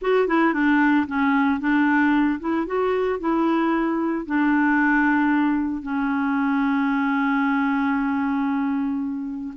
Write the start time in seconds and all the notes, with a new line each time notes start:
0.01 F#4
0.27 E4
0.53 D4
1.07 C#4
1.60 D4
2.40 E4
2.66 F#4
3.19 E4
4.26 D4
5.82 C#4